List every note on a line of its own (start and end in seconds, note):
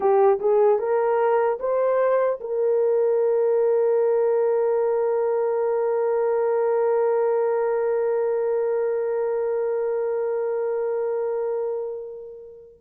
0.00 0.39 G4
0.39 0.79 G#4
0.79 1.59 A#4
1.59 2.39 C5
2.40 12.80 A#4